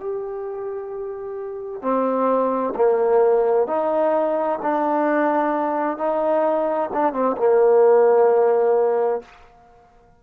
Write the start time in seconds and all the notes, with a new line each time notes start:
0.00 G4
1.82 C4
2.76 A#3
3.67 D#4
4.62 D4
5.98 D#4
6.93 D4
7.13 C4
7.37 A#3